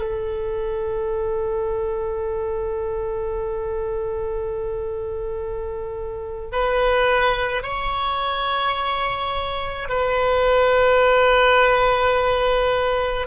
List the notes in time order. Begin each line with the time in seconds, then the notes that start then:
0.00 A4
6.52 B4
7.63 C#5
9.89 B4